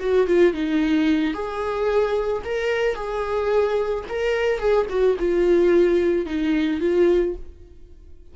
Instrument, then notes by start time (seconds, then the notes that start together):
viola
0.00 F#4
0.27 F4
0.54 D#4
1.34 G#4
2.45 A#4
2.96 G#4
4.09 A#4
4.59 G#4
4.90 F#4
5.19 F4
6.26 D#4
6.81 F4